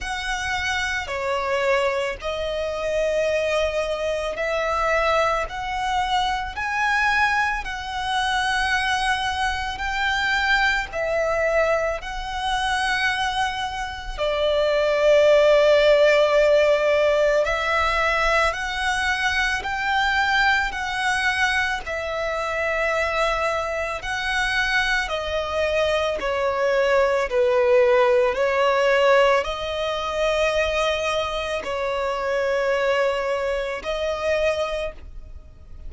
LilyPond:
\new Staff \with { instrumentName = "violin" } { \time 4/4 \tempo 4 = 55 fis''4 cis''4 dis''2 | e''4 fis''4 gis''4 fis''4~ | fis''4 g''4 e''4 fis''4~ | fis''4 d''2. |
e''4 fis''4 g''4 fis''4 | e''2 fis''4 dis''4 | cis''4 b'4 cis''4 dis''4~ | dis''4 cis''2 dis''4 | }